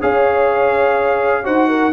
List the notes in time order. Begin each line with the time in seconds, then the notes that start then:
0.00 C#4 G#4 C#5 F5
1.44 D#4 F#4 C5 F#5
1.68 A#4